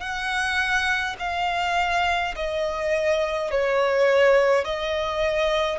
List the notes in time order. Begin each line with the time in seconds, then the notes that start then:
0.00 F#5
1.19 F5
2.36 D#5
3.51 C#5
4.64 D#5